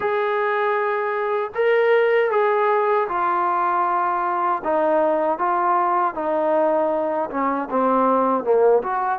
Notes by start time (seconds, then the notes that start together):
0.00 G#4
1.55 A#4
2.30 G#4
3.08 F4
4.64 D#4
5.38 F4
6.14 D#4
7.30 C#4
7.70 C4
8.44 A#3
8.83 F#4